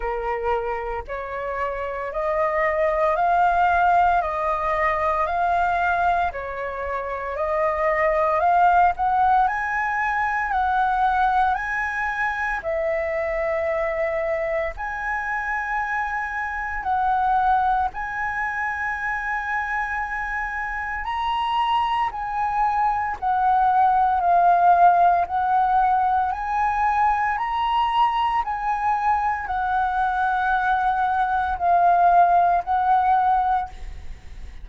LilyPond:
\new Staff \with { instrumentName = "flute" } { \time 4/4 \tempo 4 = 57 ais'4 cis''4 dis''4 f''4 | dis''4 f''4 cis''4 dis''4 | f''8 fis''8 gis''4 fis''4 gis''4 | e''2 gis''2 |
fis''4 gis''2. | ais''4 gis''4 fis''4 f''4 | fis''4 gis''4 ais''4 gis''4 | fis''2 f''4 fis''4 | }